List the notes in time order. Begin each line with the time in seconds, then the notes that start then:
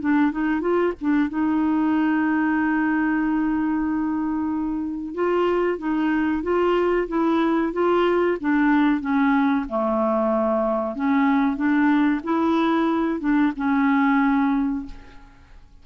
0.00 D4
0.31 D#4
0.60 F4
1.00 D4
1.29 D#4
5.14 F4
5.78 D#4
6.43 F4
7.08 E4
7.73 F4
8.40 D4
9.01 C#4
9.69 A3
10.96 C#4
11.56 D4
12.23 E4
13.20 D4
13.56 C#4